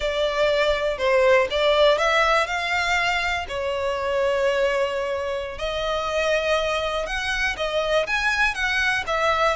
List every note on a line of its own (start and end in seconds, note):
0.00 0.98 D5
0.98 1.47 C5
1.50 1.97 D5
1.97 2.47 E5
2.47 3.46 F5
3.48 5.58 C#5
5.58 7.06 D#5
7.06 7.56 F#5
7.56 8.06 D#5
8.06 8.54 G#5
8.54 9.03 F#5
9.06 9.56 E5